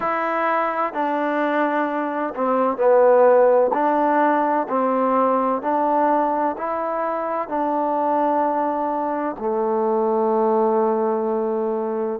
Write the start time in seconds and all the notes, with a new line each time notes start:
0.00 E4
0.93 D4
2.34 C4
2.77 B3
3.73 D4
4.69 C4
5.62 D4
6.57 E4
7.48 D4
9.38 A3